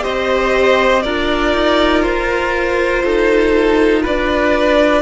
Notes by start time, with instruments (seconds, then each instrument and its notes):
0.00 cello C4, viola G4, violin C5 D#5
1.02 cello D4, viola F4, violin A#4 D5
1.53 cello D#4
2.02 cello F4, violin C5
3.04 cello D#4, violin A4
4.02 cello D4, violin B4 D5